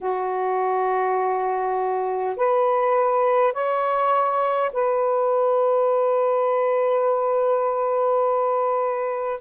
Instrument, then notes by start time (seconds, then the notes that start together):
saxophone
0.00 F#4
2.36 B4
3.53 C#5
4.73 B4